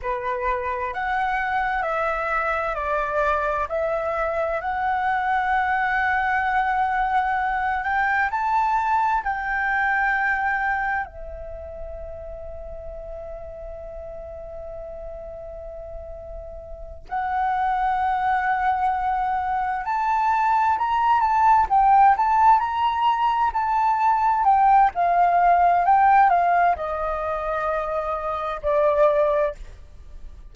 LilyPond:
\new Staff \with { instrumentName = "flute" } { \time 4/4 \tempo 4 = 65 b'4 fis''4 e''4 d''4 | e''4 fis''2.~ | fis''8 g''8 a''4 g''2 | e''1~ |
e''2~ e''8 fis''4.~ | fis''4. a''4 ais''8 a''8 g''8 | a''8 ais''4 a''4 g''8 f''4 | g''8 f''8 dis''2 d''4 | }